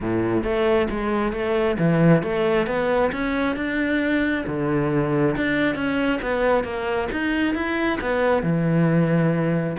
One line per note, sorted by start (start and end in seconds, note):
0.01 0.43 A2
0.43 0.88 A3
0.90 1.32 G#3
1.32 1.77 A3
1.78 2.22 E3
2.23 2.66 A3
2.66 3.11 B3
3.12 3.56 C#4
3.56 4.44 D4
4.47 5.36 D3
5.36 5.75 D4
5.75 6.19 C#4
6.22 6.63 B3
6.63 7.08 A#3
7.12 7.55 D#4
7.55 7.99 E4
8.00 8.43 B3
8.43 9.76 E3